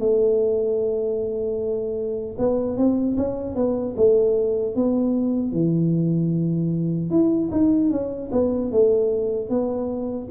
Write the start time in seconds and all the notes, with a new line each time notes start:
0.00 A3
2.39 B3
2.77 C4
3.18 C#4
3.56 B3
3.97 A3
4.76 B3
5.53 E3
7.11 E4
7.52 D#4
7.91 C#4
8.32 B3
8.72 A3
9.50 B3